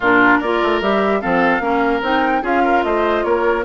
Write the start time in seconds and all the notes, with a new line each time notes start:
0.00 A#2 D4 F4 A#4
0.38 A#3 F4 A#4 D5
0.62 A3
0.81 G3 G4 E5
1.21 F3 C4 A4 F5
1.59 A#3 C#4 A#4
2.02 C4 D#4 G5
2.42 C#4 F4 G#4 F5
2.64 A#4
2.83 A3 C5 D#5
3.24 A#3 A#4 C#5